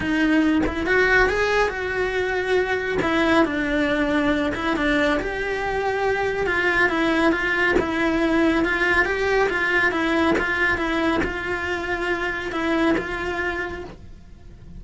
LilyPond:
\new Staff \with { instrumentName = "cello" } { \time 4/4 \tempo 4 = 139 dis'4. e'8 fis'4 gis'4 | fis'2. e'4 | d'2~ d'8 e'8 d'4 | g'2. f'4 |
e'4 f'4 e'2 | f'4 g'4 f'4 e'4 | f'4 e'4 f'2~ | f'4 e'4 f'2 | }